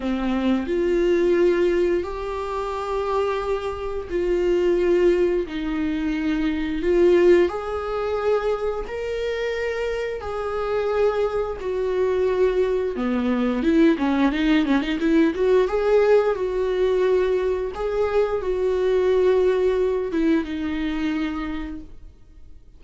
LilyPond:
\new Staff \with { instrumentName = "viola" } { \time 4/4 \tempo 4 = 88 c'4 f'2 g'4~ | g'2 f'2 | dis'2 f'4 gis'4~ | gis'4 ais'2 gis'4~ |
gis'4 fis'2 b4 | e'8 cis'8 dis'8 cis'16 dis'16 e'8 fis'8 gis'4 | fis'2 gis'4 fis'4~ | fis'4. e'8 dis'2 | }